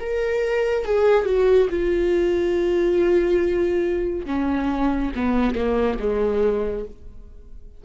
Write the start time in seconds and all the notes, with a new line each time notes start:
0.00 A#4
0.85 G#4
1.25 F#4
1.70 F4
4.26 C#4
5.15 B3
5.55 A#3
6.00 G#3